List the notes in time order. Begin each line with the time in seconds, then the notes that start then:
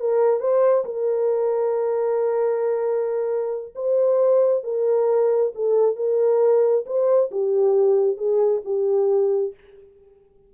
0.00 A#4
0.40 C5
0.85 A#4
3.75 C5
4.63 A#4
5.55 A4
5.96 A#4
6.86 C5
7.31 G4
8.17 G#4
8.65 G4